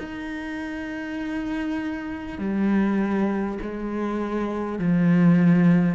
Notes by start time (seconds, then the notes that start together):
0.00 D#4
2.39 G3
3.62 G#3
4.79 F3